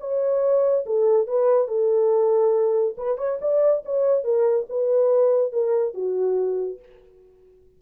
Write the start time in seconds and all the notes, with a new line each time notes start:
0.00 C#5
0.86 A4
1.27 B4
1.68 A4
2.97 B4
3.18 C#5
3.41 D5
3.85 C#5
4.24 A#4
4.69 B4
5.52 A#4
5.94 F#4